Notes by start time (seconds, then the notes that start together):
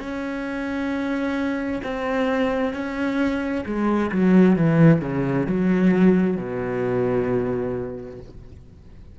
0.00 C#4
1.83 C4
2.73 C#4
3.66 G#3
4.12 F#3
4.56 E3
5.01 C#3
5.47 F#3
6.37 B2